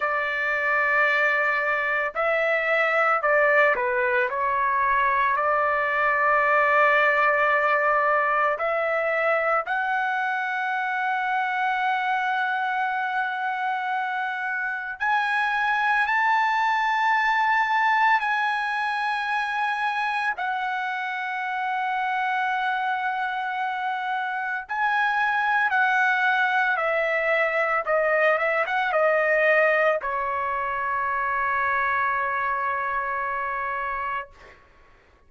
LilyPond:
\new Staff \with { instrumentName = "trumpet" } { \time 4/4 \tempo 4 = 56 d''2 e''4 d''8 b'8 | cis''4 d''2. | e''4 fis''2.~ | fis''2 gis''4 a''4~ |
a''4 gis''2 fis''4~ | fis''2. gis''4 | fis''4 e''4 dis''8 e''16 fis''16 dis''4 | cis''1 | }